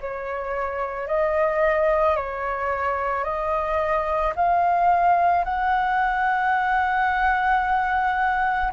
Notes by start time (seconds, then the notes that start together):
0.00 C#5
1.07 D#5
2.16 C#5
3.23 D#5
4.35 F5
5.44 F#5